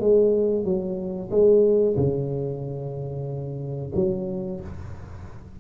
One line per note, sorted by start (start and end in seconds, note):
0.00 0.64 G#3
0.64 1.30 F#3
1.30 1.96 G#3
1.97 3.92 C#3
3.95 4.60 F#3